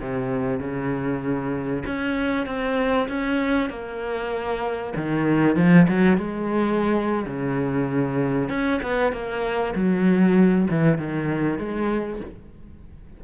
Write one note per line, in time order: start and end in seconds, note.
0.00 0.60 C3
0.60 1.83 C#3
1.85 2.46 C#4
2.46 3.08 C4
3.08 3.69 C#4
3.69 4.93 A#3
4.96 5.55 D#3
5.55 5.86 F3
5.88 6.17 F#3
6.17 7.25 G#3
7.26 8.49 C#3
8.49 8.80 C#4
8.82 9.12 B3
9.12 9.74 A#3
9.75 10.67 F#3
10.70 10.97 E3
10.97 11.58 D#3
11.58 12.20 G#3